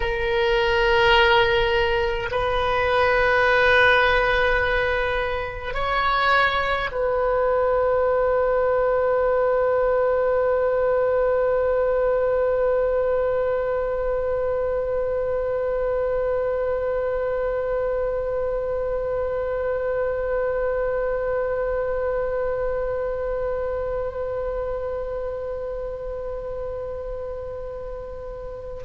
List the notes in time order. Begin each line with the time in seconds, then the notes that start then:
0.00 A#4
2.31 B4
5.74 C#5
6.91 B4